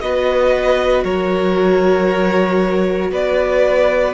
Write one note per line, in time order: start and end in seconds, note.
0.00 1.04 B3
0.00 4.14 F#4
0.00 1.04 B4
0.00 1.03 D#5
1.04 3.11 F#3
1.04 3.11 A#4
1.04 3.11 C#5
3.11 4.14 B3
3.11 4.14 B4
3.11 4.14 D5